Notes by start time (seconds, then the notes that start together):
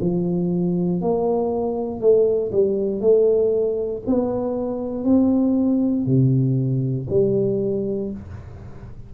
0.00 F3
1.01 A#3
2.00 A3
2.51 G3
3.00 A3
4.06 B3
5.03 C4
6.05 C3
7.10 G3